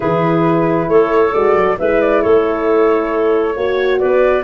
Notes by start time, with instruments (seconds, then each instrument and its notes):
0.00 tuba E3, horn E4, clarinet G#4, flute B4
0.87 tuba A3, clarinet A4, flute C#5
1.33 tuba G#3, horn F#4, flute D5
1.54 tuba F#3
1.78 tuba G#3, horn E4, clarinet B4, flute E5
2.01 flute D5
2.22 tuba A3, clarinet A4, flute C#5
3.55 tuba A#3, horn F#4, clarinet C#5
3.99 tuba B3, clarinet B4, flute D5